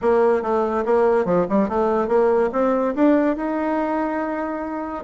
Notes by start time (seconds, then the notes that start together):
0.01 A#3
0.42 A3
0.85 A#3
1.25 F3
1.49 G3
1.68 A3
2.08 A#3
2.52 C4
2.95 D4
3.36 D#4